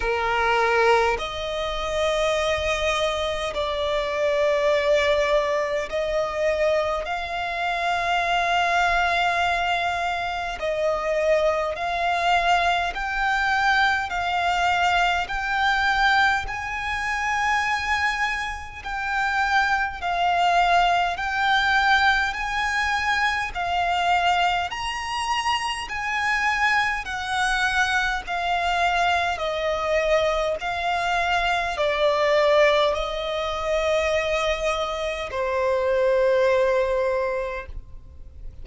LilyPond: \new Staff \with { instrumentName = "violin" } { \time 4/4 \tempo 4 = 51 ais'4 dis''2 d''4~ | d''4 dis''4 f''2~ | f''4 dis''4 f''4 g''4 | f''4 g''4 gis''2 |
g''4 f''4 g''4 gis''4 | f''4 ais''4 gis''4 fis''4 | f''4 dis''4 f''4 d''4 | dis''2 c''2 | }